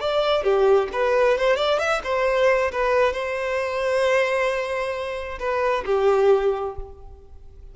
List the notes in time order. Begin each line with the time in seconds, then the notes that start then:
0.00 D5
0.44 G4
0.92 B4
1.38 C5
1.56 D5
1.79 E5
2.04 C5
2.72 B4
3.13 C5
5.39 B4
5.85 G4